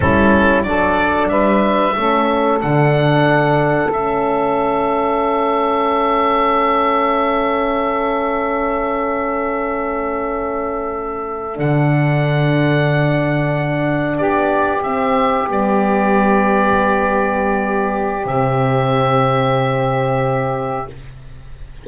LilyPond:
<<
  \new Staff \with { instrumentName = "oboe" } { \time 4/4 \tempo 4 = 92 a'4 d''4 e''2 | fis''2 e''2~ | e''1~ | e''1~ |
e''4.~ e''16 fis''2~ fis''16~ | fis''4.~ fis''16 d''4 e''4 d''16~ | d''1 | e''1 | }
  \new Staff \with { instrumentName = "saxophone" } { \time 4/4 e'4 a'4 b'4 a'4~ | a'1~ | a'1~ | a'1~ |
a'1~ | a'4.~ a'16 g'2~ g'16~ | g'1~ | g'1 | }
  \new Staff \with { instrumentName = "horn" } { \time 4/4 cis'4 d'2 cis'4 | d'2 cis'2~ | cis'1~ | cis'1~ |
cis'4.~ cis'16 d'2~ d'16~ | d'2~ d'8. c'4 b16~ | b1 | c'1 | }
  \new Staff \with { instrumentName = "double bass" } { \time 4/4 g4 fis4 g4 a4 | d2 a2~ | a1~ | a1~ |
a4.~ a16 d2~ d16~ | d4.~ d16 b4 c'4 g16~ | g1 | c1 | }
>>